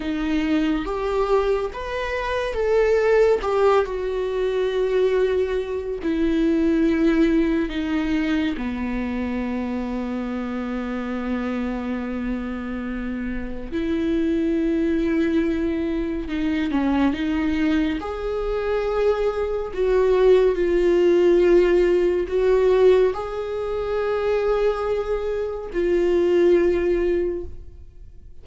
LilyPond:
\new Staff \with { instrumentName = "viola" } { \time 4/4 \tempo 4 = 70 dis'4 g'4 b'4 a'4 | g'8 fis'2~ fis'8 e'4~ | e'4 dis'4 b2~ | b1 |
e'2. dis'8 cis'8 | dis'4 gis'2 fis'4 | f'2 fis'4 gis'4~ | gis'2 f'2 | }